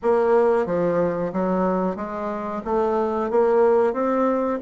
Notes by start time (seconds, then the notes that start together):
0.02 A#3
0.66 F3
1.32 F#3
1.96 G#3
2.64 A3
3.30 A#3
3.93 C4